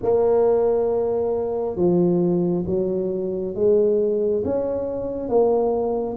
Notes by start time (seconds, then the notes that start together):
0.02 A#3
1.76 F3
2.66 F#3
3.55 G#3
4.44 C#4
5.28 A#3